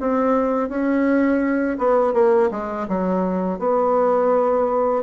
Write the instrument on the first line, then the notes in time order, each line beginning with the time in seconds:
bassoon
0.00 C4
0.69 C#4
1.78 B3
2.13 A#3
2.51 G#3
2.88 F#3
3.59 B3